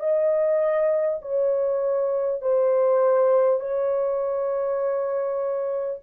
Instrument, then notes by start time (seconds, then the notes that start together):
horn
0.00 D#5
1.22 C#5
2.42 C5
3.60 C#5